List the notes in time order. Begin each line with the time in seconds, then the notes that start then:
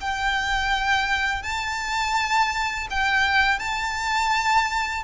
0.00 G5
1.42 A5
2.90 G5
3.58 A5